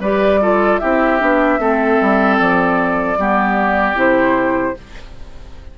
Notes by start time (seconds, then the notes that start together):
0.00 G3 G4 B4 D5
0.41 F4 A4
0.79 C4 E4 G4 E5
1.19 B3 D4
1.59 A3 C4 A4
2.01 G3
2.39 F3 D5
3.17 G3 B3 G4
3.94 C3 E4 C5